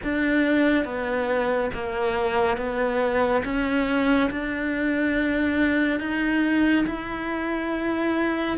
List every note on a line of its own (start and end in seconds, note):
0.03 0.85 D4
0.85 1.70 B3
1.73 2.57 A#3
2.57 3.42 B3
3.44 4.30 C#4
4.30 5.99 D4
5.99 6.85 D#4
6.86 8.57 E4